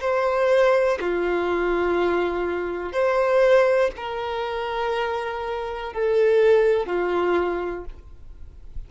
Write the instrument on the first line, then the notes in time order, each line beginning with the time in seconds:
violin
0.00 C5
1.00 F4
2.92 C5
3.96 A#4
5.93 A4
6.86 F4